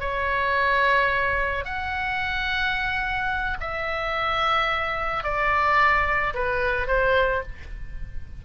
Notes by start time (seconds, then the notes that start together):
0.00 C#5
1.65 F#5
3.60 E5
5.23 D5
6.34 B4
6.87 C5